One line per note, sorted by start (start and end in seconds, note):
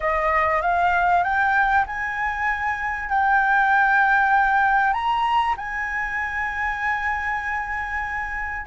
0.00 0.61 D#5
0.61 1.23 F5
1.23 1.85 G5
1.86 3.09 G#5
3.09 4.93 G5
4.93 5.54 A#5
5.57 8.66 G#5